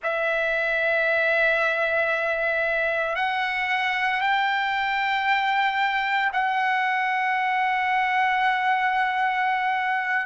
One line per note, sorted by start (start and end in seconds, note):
0.02 3.15 E5
3.15 4.21 F#5
4.21 6.31 G5
6.32 10.26 F#5